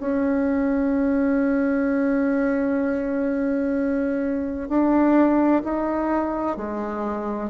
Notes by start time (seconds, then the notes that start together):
0.00 C#4
4.68 D4
5.64 D#4
6.57 G#3